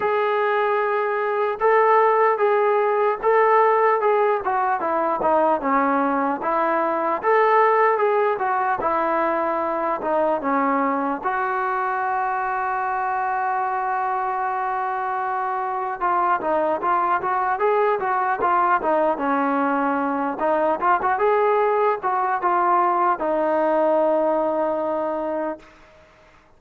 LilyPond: \new Staff \with { instrumentName = "trombone" } { \time 4/4 \tempo 4 = 75 gis'2 a'4 gis'4 | a'4 gis'8 fis'8 e'8 dis'8 cis'4 | e'4 a'4 gis'8 fis'8 e'4~ | e'8 dis'8 cis'4 fis'2~ |
fis'1 | f'8 dis'8 f'8 fis'8 gis'8 fis'8 f'8 dis'8 | cis'4. dis'8 f'16 fis'16 gis'4 fis'8 | f'4 dis'2. | }